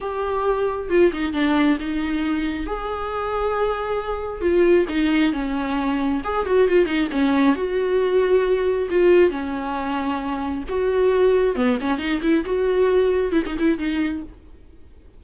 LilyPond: \new Staff \with { instrumentName = "viola" } { \time 4/4 \tempo 4 = 135 g'2 f'8 dis'8 d'4 | dis'2 gis'2~ | gis'2 f'4 dis'4 | cis'2 gis'8 fis'8 f'8 dis'8 |
cis'4 fis'2. | f'4 cis'2. | fis'2 b8 cis'8 dis'8 e'8 | fis'2 e'16 dis'16 e'8 dis'4 | }